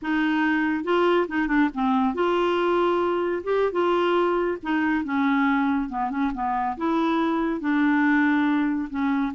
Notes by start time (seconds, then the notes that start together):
0.02 D#4
0.84 F4
1.28 D#4
1.47 D4
1.74 C4
2.14 F4
3.43 G4
3.71 F4
4.62 D#4
5.04 C#4
5.89 B3
6.10 C#4
6.34 B3
6.77 E4
7.60 D4
8.90 C#4